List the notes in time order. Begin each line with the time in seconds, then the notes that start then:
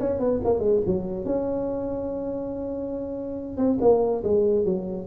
0.00 C#4
0.20 B3
0.44 A#3
0.59 G#3
0.86 F#3
1.25 C#4
3.57 C4
3.81 A#3
4.24 G#3
4.65 F#3